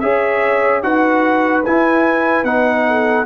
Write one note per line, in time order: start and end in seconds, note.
0.00 0.83 C#4
0.00 0.83 G#4
0.00 0.84 C#5
0.00 0.81 E5
0.83 1.64 D#4
0.83 1.64 F#4
0.83 2.87 B4
0.83 1.64 F#5
1.65 2.45 E4
1.65 2.44 E4
1.65 2.45 G#5
2.44 3.25 B3
2.44 3.26 D#4
2.44 3.26 F#5
2.87 3.26 A4